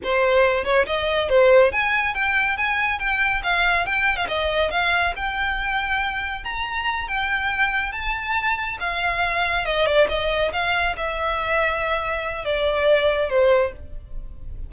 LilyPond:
\new Staff \with { instrumentName = "violin" } { \time 4/4 \tempo 4 = 140 c''4. cis''8 dis''4 c''4 | gis''4 g''4 gis''4 g''4 | f''4 g''8. f''16 dis''4 f''4 | g''2. ais''4~ |
ais''8 g''2 a''4.~ | a''8 f''2 dis''8 d''8 dis''8~ | dis''8 f''4 e''2~ e''8~ | e''4 d''2 c''4 | }